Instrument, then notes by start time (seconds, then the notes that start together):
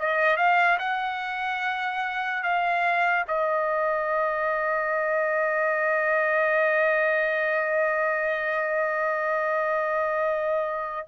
trumpet
0.00 D#5
0.37 F5
0.79 F#5
2.43 F5
3.28 D#5